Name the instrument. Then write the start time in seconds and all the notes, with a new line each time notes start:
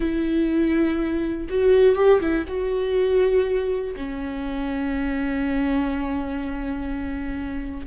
viola
0.00 E4
1.49 F#4
1.95 G4
2.20 E4
2.47 F#4
3.96 C#4